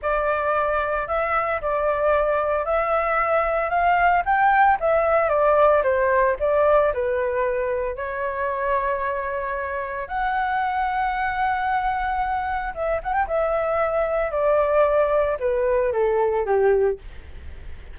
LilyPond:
\new Staff \with { instrumentName = "flute" } { \time 4/4 \tempo 4 = 113 d''2 e''4 d''4~ | d''4 e''2 f''4 | g''4 e''4 d''4 c''4 | d''4 b'2 cis''4~ |
cis''2. fis''4~ | fis''1 | e''8 fis''16 g''16 e''2 d''4~ | d''4 b'4 a'4 g'4 | }